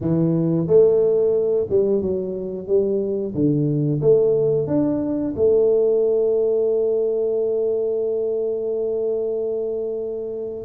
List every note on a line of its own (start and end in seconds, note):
0.00 0.67 E3
0.67 1.67 A3
1.69 2.02 G3
2.02 2.67 F#3
2.67 3.34 G3
3.34 4.01 D3
4.01 4.67 A3
4.67 5.33 D4
5.36 10.65 A3